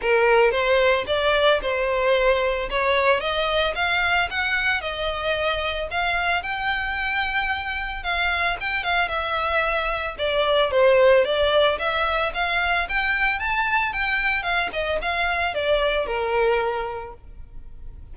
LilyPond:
\new Staff \with { instrumentName = "violin" } { \time 4/4 \tempo 4 = 112 ais'4 c''4 d''4 c''4~ | c''4 cis''4 dis''4 f''4 | fis''4 dis''2 f''4 | g''2. f''4 |
g''8 f''8 e''2 d''4 | c''4 d''4 e''4 f''4 | g''4 a''4 g''4 f''8 dis''8 | f''4 d''4 ais'2 | }